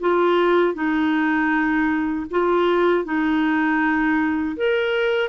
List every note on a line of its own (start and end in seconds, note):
0.00 0.74 F4
0.74 2.26 D#4
2.30 3.04 F4
3.04 4.56 D#4
4.56 5.29 A#4